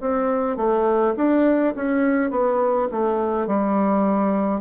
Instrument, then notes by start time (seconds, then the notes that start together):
bassoon
0.00 C4
0.57 A3
1.16 D4
1.75 C#4
2.30 B3
2.91 A3
3.47 G3